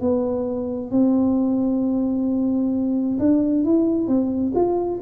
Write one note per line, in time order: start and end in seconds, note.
0.00 0.91 B3
0.91 3.18 C4
3.19 3.64 D4
3.64 4.07 E4
4.07 4.52 C4
4.55 5.00 F4